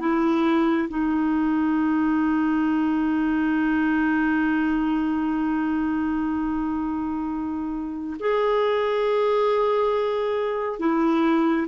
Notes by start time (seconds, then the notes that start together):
0.00 E4
0.89 D#4
8.19 G#4
10.79 E4